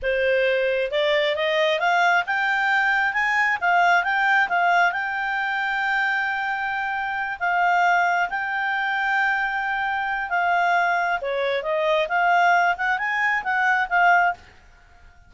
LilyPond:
\new Staff \with { instrumentName = "clarinet" } { \time 4/4 \tempo 4 = 134 c''2 d''4 dis''4 | f''4 g''2 gis''4 | f''4 g''4 f''4 g''4~ | g''1~ |
g''8 f''2 g''4.~ | g''2. f''4~ | f''4 cis''4 dis''4 f''4~ | f''8 fis''8 gis''4 fis''4 f''4 | }